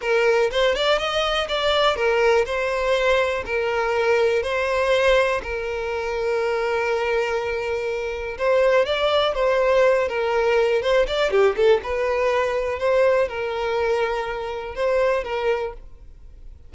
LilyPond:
\new Staff \with { instrumentName = "violin" } { \time 4/4 \tempo 4 = 122 ais'4 c''8 d''8 dis''4 d''4 | ais'4 c''2 ais'4~ | ais'4 c''2 ais'4~ | ais'1~ |
ais'4 c''4 d''4 c''4~ | c''8 ais'4. c''8 d''8 g'8 a'8 | b'2 c''4 ais'4~ | ais'2 c''4 ais'4 | }